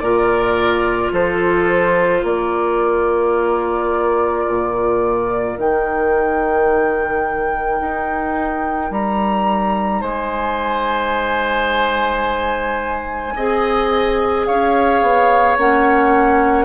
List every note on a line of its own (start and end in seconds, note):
0.00 1.12 A#2
0.00 5.58 F4
0.00 1.12 A#4
0.00 1.11 D5
1.12 2.23 F3
1.12 2.22 A4
1.12 2.25 C5
2.22 4.46 A#3
2.22 10.00 A#4
2.22 5.59 D5
4.47 5.58 A#2
5.58 7.81 D#3
5.58 13.35 D#4
5.58 8.92 G5
7.81 8.91 D#4
8.91 10.02 G3
8.91 10.03 A#5
10.01 13.35 G#3
10.01 13.34 C5
10.01 14.46 G#5
13.36 14.47 C4
13.36 15.59 G#4
13.36 14.47 D#5
14.46 15.02 C#4
14.46 16.65 C#5
14.46 15.57 F5
15.02 15.57 B3
15.58 16.65 A#3
15.58 16.65 C#4
15.58 16.65 F#5